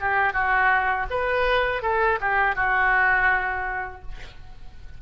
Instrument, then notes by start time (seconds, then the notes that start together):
oboe
0.00 G4
0.33 F#4
1.10 B4
1.82 A4
2.21 G4
2.55 F#4